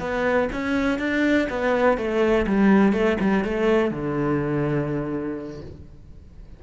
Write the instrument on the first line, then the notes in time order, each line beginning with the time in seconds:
cello
0.00 B3
0.53 C#4
0.99 D4
1.50 B3
1.98 A3
2.47 G3
2.93 A3
3.21 G3
3.45 A3
3.91 D3